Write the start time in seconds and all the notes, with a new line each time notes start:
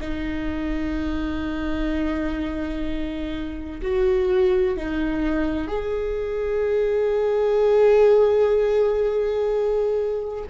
0.00 D#4
3.82 F#4
4.77 D#4
5.68 G#4